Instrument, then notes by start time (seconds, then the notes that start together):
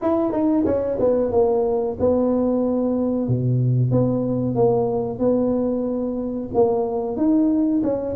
tuba
0.01 E4
0.32 D#4
0.65 C#4
0.99 B3
1.31 A#3
1.99 B3
3.28 B2
3.91 B3
4.55 A#3
5.18 B3
6.54 A#3
7.17 D#4
7.83 C#4